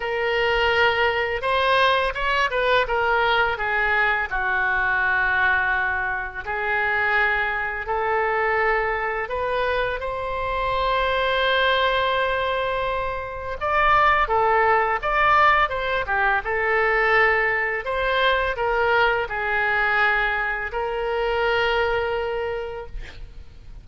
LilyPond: \new Staff \with { instrumentName = "oboe" } { \time 4/4 \tempo 4 = 84 ais'2 c''4 cis''8 b'8 | ais'4 gis'4 fis'2~ | fis'4 gis'2 a'4~ | a'4 b'4 c''2~ |
c''2. d''4 | a'4 d''4 c''8 g'8 a'4~ | a'4 c''4 ais'4 gis'4~ | gis'4 ais'2. | }